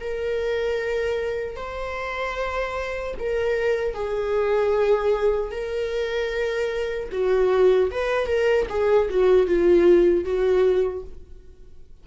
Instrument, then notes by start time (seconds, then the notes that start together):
viola
0.00 A#4
1.56 C5
3.19 A#4
3.94 G#4
5.51 A#4
7.12 F#4
7.91 B4
8.27 A#4
8.69 G#4
9.10 F#4
9.46 F4
10.25 F#4